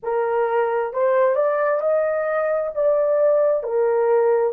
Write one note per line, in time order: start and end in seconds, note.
0.02 0.93 A#4
0.93 1.35 C5
1.35 1.80 D5
1.80 2.71 D#5
2.74 3.63 D5
3.63 4.53 A#4